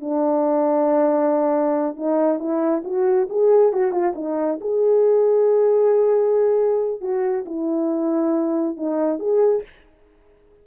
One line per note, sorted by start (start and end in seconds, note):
0.00 1.96 D4
1.96 2.39 D#4
2.39 2.82 E4
2.84 3.28 F#4
3.29 3.72 G#4
3.72 3.91 F#4
3.91 4.13 F4
4.15 4.59 D#4
4.60 7.01 G#4
7.01 7.45 F#4
7.45 8.77 E4
8.77 9.19 D#4
9.19 9.63 G#4